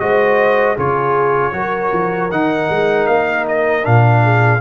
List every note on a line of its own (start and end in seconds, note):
0.00 0.77 G#3
0.00 0.77 F#4
0.00 0.77 C5
0.00 0.77 D#5
0.77 1.53 C#3
0.77 1.53 F4
0.77 1.54 G#4
0.77 2.32 C#5
1.53 1.91 F#3
1.53 2.30 F#4
1.53 4.23 A#4
1.93 2.31 F3
2.31 2.70 D#3
2.31 3.83 D#4
2.31 3.07 F#5
2.70 3.09 G#3
3.07 3.86 A#3
3.07 3.46 F5
3.48 3.86 D#5
3.83 4.62 A#2
3.83 4.60 D4
3.83 4.62 F5
4.23 4.62 G#4